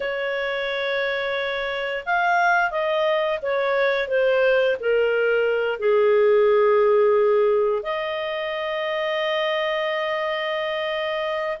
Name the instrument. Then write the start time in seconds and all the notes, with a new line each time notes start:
clarinet
0.00 C#5
2.05 F5
2.71 D#5
3.42 C#5
4.08 C5
4.79 A#4
5.79 G#4
7.82 D#5